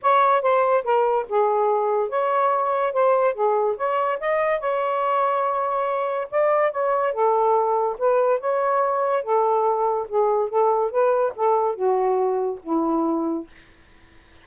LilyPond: \new Staff \with { instrumentName = "saxophone" } { \time 4/4 \tempo 4 = 143 cis''4 c''4 ais'4 gis'4~ | gis'4 cis''2 c''4 | gis'4 cis''4 dis''4 cis''4~ | cis''2. d''4 |
cis''4 a'2 b'4 | cis''2 a'2 | gis'4 a'4 b'4 a'4 | fis'2 e'2 | }